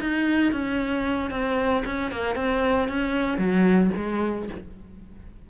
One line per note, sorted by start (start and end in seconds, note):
0.00 0.52 D#4
0.52 1.30 C#4
1.30 1.83 C4
1.85 2.11 C#4
2.11 2.35 A#3
2.35 2.88 C4
2.88 3.37 C#4
3.37 3.90 F#3
3.96 4.49 G#3